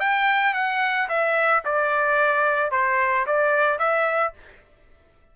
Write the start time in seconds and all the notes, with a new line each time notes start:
0.00 G5
0.54 F#5
1.08 E5
1.65 D5
2.71 C5
3.26 D5
3.79 E5